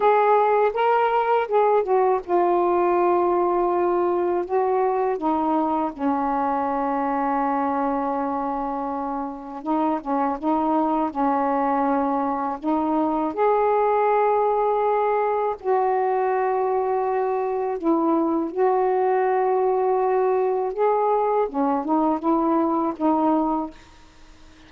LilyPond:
\new Staff \with { instrumentName = "saxophone" } { \time 4/4 \tempo 4 = 81 gis'4 ais'4 gis'8 fis'8 f'4~ | f'2 fis'4 dis'4 | cis'1~ | cis'4 dis'8 cis'8 dis'4 cis'4~ |
cis'4 dis'4 gis'2~ | gis'4 fis'2. | e'4 fis'2. | gis'4 cis'8 dis'8 e'4 dis'4 | }